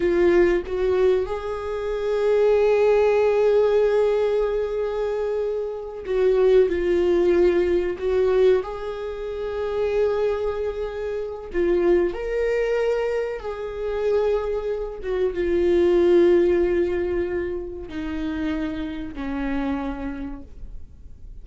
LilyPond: \new Staff \with { instrumentName = "viola" } { \time 4/4 \tempo 4 = 94 f'4 fis'4 gis'2~ | gis'1~ | gis'4. fis'4 f'4.~ | f'8 fis'4 gis'2~ gis'8~ |
gis'2 f'4 ais'4~ | ais'4 gis'2~ gis'8 fis'8 | f'1 | dis'2 cis'2 | }